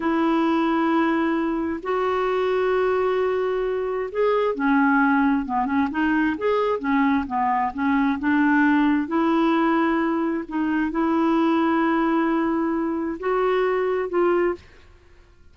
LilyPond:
\new Staff \with { instrumentName = "clarinet" } { \time 4/4 \tempo 4 = 132 e'1 | fis'1~ | fis'4 gis'4 cis'2 | b8 cis'8 dis'4 gis'4 cis'4 |
b4 cis'4 d'2 | e'2. dis'4 | e'1~ | e'4 fis'2 f'4 | }